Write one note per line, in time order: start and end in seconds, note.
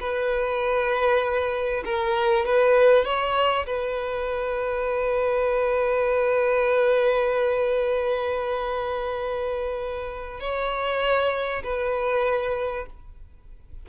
0.00 1.84 B4
1.85 2.45 A#4
2.45 3.05 B4
3.05 3.66 C#5
3.66 10.40 B4
10.40 11.62 C#5
11.63 12.86 B4